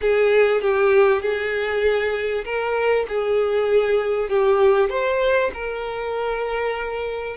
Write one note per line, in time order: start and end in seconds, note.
0.01 0.61 G#4
0.61 1.21 G4
1.21 2.44 G#4
2.44 3.06 A#4
3.08 4.29 G#4
4.29 4.89 G4
4.89 5.50 C5
5.53 7.36 A#4